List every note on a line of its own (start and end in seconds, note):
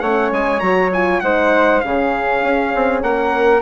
0.00 0.31 A3
0.00 0.61 C#4
0.00 1.22 C#5
0.00 0.30 F#5
0.32 0.61 G#3
0.32 0.59 G#5
0.59 1.21 F#3
0.59 0.91 F#4
0.59 0.90 A#5
0.93 1.23 F4
0.93 1.20 G#5
1.20 1.82 G#3
1.20 1.82 D#4
1.20 1.84 C5
1.20 1.80 F#5
1.80 2.43 C#3
1.80 3.62 C#4
1.80 3.03 G#4
1.80 3.00 F5
2.43 2.73 C#4
2.75 3.02 C4
3.02 3.62 A#3
3.02 3.62 A#4
3.02 3.62 F#5